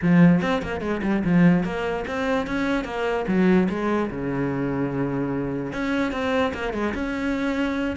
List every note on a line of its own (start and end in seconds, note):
0.02 0.41 F3
0.41 0.62 C4
0.62 0.80 A#3
0.80 1.01 G#3
1.02 1.23 G3
1.24 1.64 F3
1.64 2.05 A#3
2.07 2.47 C4
2.47 2.84 C#4
2.84 3.25 A#3
3.27 3.68 F#3
3.69 4.10 G#3
4.10 5.73 C#3
5.73 6.12 C#4
6.12 6.53 C4
6.53 6.73 A#3
6.73 6.93 G#3
6.94 7.96 C#4